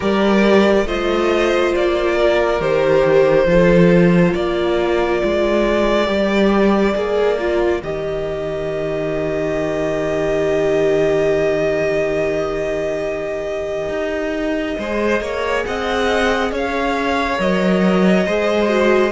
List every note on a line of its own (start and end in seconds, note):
0.00 0.85 G3
0.00 0.86 G4
0.00 0.85 A#4
0.00 0.87 D5
0.85 1.72 A3
0.85 2.60 F4
0.85 2.14 C5
0.85 1.74 D#5
1.75 2.60 A#3
1.75 2.61 D5
2.14 3.45 A#4
2.60 3.45 D#3
2.60 3.47 G4
2.60 4.34 C5
3.45 4.32 F3
3.45 6.06 F4
3.45 4.36 A4
4.34 5.22 A#3
4.34 14.78 A#4
4.34 7.81 D5
5.23 6.07 G#3
6.06 6.94 G3
6.06 6.93 G4
6.94 7.82 A#3
6.94 7.37 G#4
7.38 7.81 F4
7.82 13.89 D#3
7.82 14.79 G4
7.82 15.64 D#5
13.89 14.76 D#4
14.78 15.20 G#3
14.78 17.37 G#4
14.78 15.22 C5
15.20 15.64 A#3
15.20 15.66 C#5
15.64 16.51 C4
15.64 16.52 D#5
15.64 16.51 F#5
16.51 17.38 C#4
16.51 18.26 C#5
16.51 17.40 F5
17.37 18.26 F#3
17.37 18.24 A#4
17.37 19.11 D#5
18.26 19.11 G#3
18.26 18.68 G#4
18.26 19.11 C5
18.68 19.11 F#4